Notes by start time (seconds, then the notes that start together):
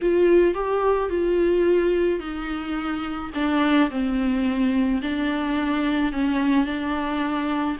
0.02 F4
0.54 G4
1.09 F4
2.19 D#4
3.34 D4
3.90 C4
5.02 D4
6.12 C#4
6.65 D4